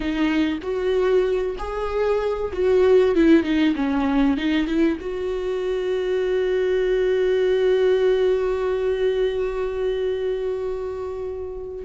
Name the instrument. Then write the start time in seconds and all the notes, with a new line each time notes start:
viola
0.00 D#4
0.62 F#4
1.58 G#4
2.53 F#4
3.15 E4
3.43 D#4
3.75 C#4
4.37 D#4
4.66 E4
5.00 F#4